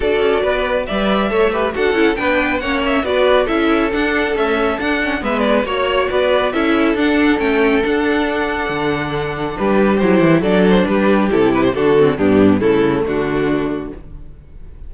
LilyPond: <<
  \new Staff \with { instrumentName = "violin" } { \time 4/4 \tempo 4 = 138 d''2 e''2 | fis''4 g''4 fis''8 e''8 d''4 | e''4 fis''4 e''4 fis''4 | e''8 d''8 cis''4 d''4 e''4 |
fis''4 g''4 fis''2~ | fis''2 b'4 c''4 | d''8 c''8 b'4 a'8 b'16 c''16 a'4 | g'4 a'4 fis'2 | }
  \new Staff \with { instrumentName = "violin" } { \time 4/4 a'4 b'4 d''4 cis''8 b'8 | a'4 b'4 cis''4 b'4 | a'1 | b'4 cis''4 b'4 a'4~ |
a'1~ | a'2 g'2 | a'4 g'2 fis'4 | d'4 e'4 d'2 | }
  \new Staff \with { instrumentName = "viola" } { \time 4/4 fis'2 b'4 a'8 g'8 | fis'8 e'8 d'4 cis'4 fis'4 | e'4 d'4 a4 d'8 cis'8 | b4 fis'2 e'4 |
d'4 cis'4 d'2~ | d'2. e'4 | d'2 e'4 d'8 c'8 | b4 a2. | }
  \new Staff \with { instrumentName = "cello" } { \time 4/4 d'8 cis'8 b4 g4 a4 | d'8 cis'8 b4 ais4 b4 | cis'4 d'4 cis'4 d'4 | gis4 ais4 b4 cis'4 |
d'4 a4 d'2 | d2 g4 fis8 e8 | fis4 g4 c4 d4 | g,4 cis4 d2 | }
>>